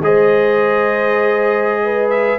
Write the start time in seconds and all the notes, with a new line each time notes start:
0.00 G#3 G#4 C5 D#5
1.83 B4
2.09 E5